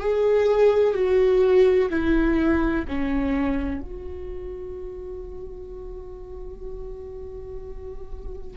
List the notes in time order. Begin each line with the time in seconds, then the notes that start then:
0.00 G#4
0.94 F#4
1.90 E4
2.88 C#4
3.81 F#4